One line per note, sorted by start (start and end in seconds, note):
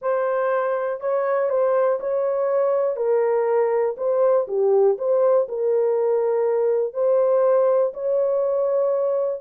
0.01 1.00 C5
1.00 1.49 C#5
1.49 1.99 C5
2.00 2.96 C#5
2.96 3.95 A#4
3.97 4.47 C5
4.47 4.97 G4
4.97 5.47 C5
5.48 6.93 A#4
6.93 7.92 C5
7.93 9.41 C#5